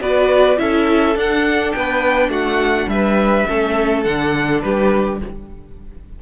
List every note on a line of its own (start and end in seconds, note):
0.00 0.58 B3
0.00 0.57 F#4
0.00 0.59 B4
0.00 0.58 D5
0.57 1.16 C#4
0.57 1.14 E4
0.57 1.76 A4
0.57 1.16 E5
1.16 1.73 D4
1.16 3.47 D4
1.16 1.72 F#5
1.72 2.28 B3
1.72 2.30 B4
1.72 2.29 G5
2.28 2.86 A3
2.28 2.88 F#4
2.28 2.89 F#5
2.87 3.44 G3
2.87 3.48 B4
2.87 4.03 E5
3.47 4.05 A3
3.47 4.04 C#4
3.47 4.63 A4
4.03 4.63 D3
4.03 5.20 D4
4.03 4.60 F#5
4.61 5.21 G3
4.61 5.22 G4
4.61 5.19 B4